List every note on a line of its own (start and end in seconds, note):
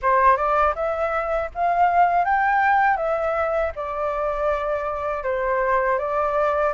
0.02 0.36 C5
0.36 0.74 D5
0.75 1.50 E5
1.54 2.24 F5
2.24 2.96 G5
2.96 3.71 E5
3.75 5.23 D5
5.23 5.98 C5
5.98 6.73 D5